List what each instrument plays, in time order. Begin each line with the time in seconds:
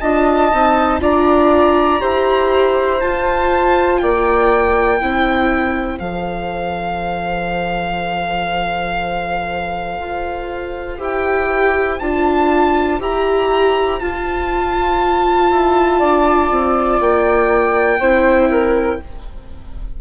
0.00 bassoon D4, viola F4, flute D#5, violin A5
0.52 bassoon C4, viola D#4
1.00 bassoon D4, viola F4, flute D5, violin A#5
2.00 bassoon E4, viola G4, flute C5
3.00 viola F4, bassoon F4, violin A5
3.99 bassoon A#3, flute D5, violin G5
4.97 bassoon C4, viola E4, flute C5
5.99 bassoon F3, viola A4, violin F5
9.99 bassoon F4
10.97 bassoon E4, viola G4, violin G5
12.00 bassoon D4, viola F4, violin A5
13.00 bassoon E4, viola G4, violin A#5
14.00 viola F4, bassoon F4, violin A5
15.51 bassoon E4
15.99 bassoon D4, flute D5
16.51 bassoon C4
17.00 bassoon A#3, violin G5
18.00 bassoon C4, viola E4, flute C5
18.51 flute A#4